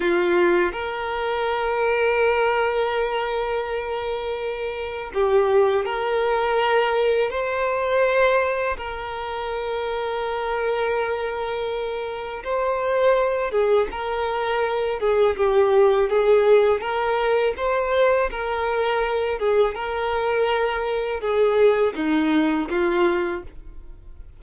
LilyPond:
\new Staff \with { instrumentName = "violin" } { \time 4/4 \tempo 4 = 82 f'4 ais'2.~ | ais'2. g'4 | ais'2 c''2 | ais'1~ |
ais'4 c''4. gis'8 ais'4~ | ais'8 gis'8 g'4 gis'4 ais'4 | c''4 ais'4. gis'8 ais'4~ | ais'4 gis'4 dis'4 f'4 | }